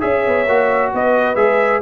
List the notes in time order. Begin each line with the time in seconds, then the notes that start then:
0.00 C#4 G#4 C#5 E5
0.27 B3
0.47 A#3 F#4
0.94 B3 B4 D#5
1.35 G#3 G#4 E5